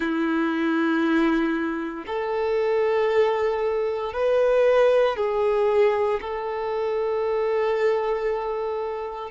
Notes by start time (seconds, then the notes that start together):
0.00 E4
2.06 A4
4.13 B4
5.16 G#4
6.21 A4